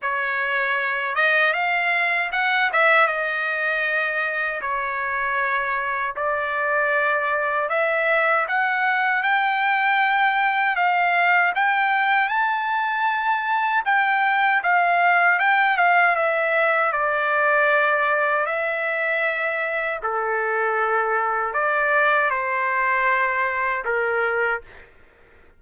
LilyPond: \new Staff \with { instrumentName = "trumpet" } { \time 4/4 \tempo 4 = 78 cis''4. dis''8 f''4 fis''8 e''8 | dis''2 cis''2 | d''2 e''4 fis''4 | g''2 f''4 g''4 |
a''2 g''4 f''4 | g''8 f''8 e''4 d''2 | e''2 a'2 | d''4 c''2 ais'4 | }